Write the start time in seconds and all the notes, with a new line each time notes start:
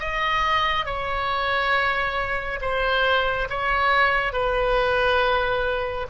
0.00 D#5
0.86 C#5
2.61 C5
3.50 C#5
4.33 B4